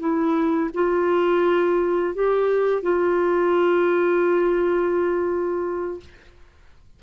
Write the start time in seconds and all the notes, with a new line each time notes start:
0.00 E4
0.74 F4
2.15 G4
2.83 F4